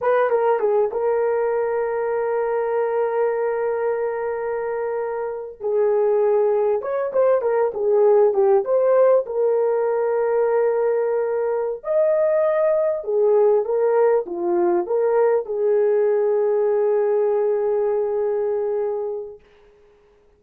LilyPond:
\new Staff \with { instrumentName = "horn" } { \time 4/4 \tempo 4 = 99 b'8 ais'8 gis'8 ais'2~ ais'8~ | ais'1~ | ais'4~ ais'16 gis'2 cis''8 c''16~ | c''16 ais'8 gis'4 g'8 c''4 ais'8.~ |
ais'2.~ ais'8 dis''8~ | dis''4. gis'4 ais'4 f'8~ | f'8 ais'4 gis'2~ gis'8~ | gis'1 | }